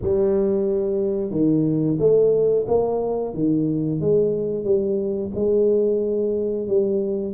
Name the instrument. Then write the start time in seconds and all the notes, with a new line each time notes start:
tuba
0.01 G3
1.30 D#3
1.99 A3
2.67 A#3
3.34 D#3
4.00 G#3
4.64 G3
5.35 G#3
6.67 G3